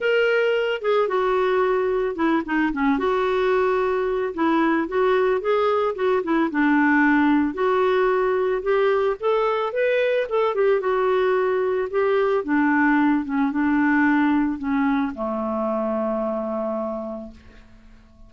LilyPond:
\new Staff \with { instrumentName = "clarinet" } { \time 4/4 \tempo 4 = 111 ais'4. gis'8 fis'2 | e'8 dis'8 cis'8 fis'2~ fis'8 | e'4 fis'4 gis'4 fis'8 e'8 | d'2 fis'2 |
g'4 a'4 b'4 a'8 g'8 | fis'2 g'4 d'4~ | d'8 cis'8 d'2 cis'4 | a1 | }